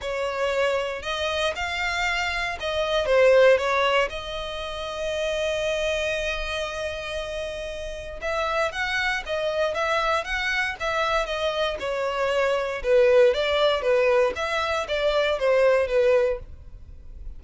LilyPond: \new Staff \with { instrumentName = "violin" } { \time 4/4 \tempo 4 = 117 cis''2 dis''4 f''4~ | f''4 dis''4 c''4 cis''4 | dis''1~ | dis''1 |
e''4 fis''4 dis''4 e''4 | fis''4 e''4 dis''4 cis''4~ | cis''4 b'4 d''4 b'4 | e''4 d''4 c''4 b'4 | }